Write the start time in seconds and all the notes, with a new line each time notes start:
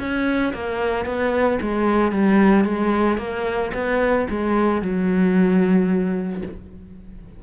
0.00 C#4
0.54 A#3
1.06 B3
1.62 G#3
2.12 G3
2.65 G#3
3.18 A#3
3.74 B3
4.30 G#3
4.82 F#3